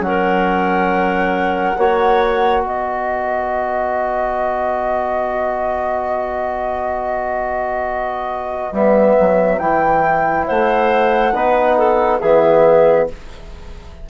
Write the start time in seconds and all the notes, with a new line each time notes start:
0.00 F#3 C#4 F#5
0.07 A#4
1.77 A#3 F#4 C#5
2.62 B3 B4 D#5
8.72 G3 B3 E5
9.20 F#3
9.58 E3 E4 G5
10.46 A3 C5 F#5
11.33 B3 D#4 B4
11.78 A4
12.20 E3 B3 G#4 E5